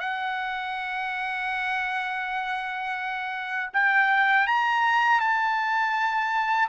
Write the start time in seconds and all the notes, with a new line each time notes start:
0.00 F#5
3.74 G5
4.47 A#5
5.20 A5